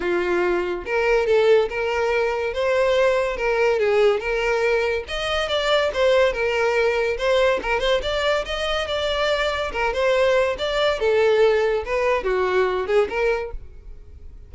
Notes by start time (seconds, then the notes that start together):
0.00 F4
0.85 A#4
1.26 A4
1.69 A#4
2.53 C5
3.36 A#4
3.79 G#4
4.20 A#4
5.08 D#5
5.48 D5
5.93 C5
6.32 A#4
7.17 C5
7.62 A#4
7.80 C5
8.02 D5
8.45 D#5
8.87 D5
9.72 A#4
9.93 C5
10.58 D5
10.99 A4
11.85 B4
12.23 F#4
12.86 G#4
13.09 A#4